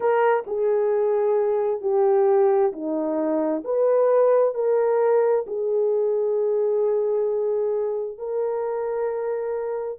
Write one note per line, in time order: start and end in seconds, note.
0.00 0.43 A#4
0.46 1.81 G#4
1.81 2.72 G4
2.72 3.63 D#4
3.64 4.54 B4
4.54 5.45 A#4
5.46 8.17 G#4
8.17 9.99 A#4